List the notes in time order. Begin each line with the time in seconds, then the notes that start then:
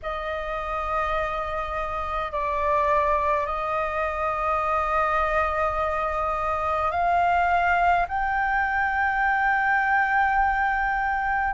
0.02 D#5
2.31 D5
3.46 D#5
6.91 F5
8.08 G5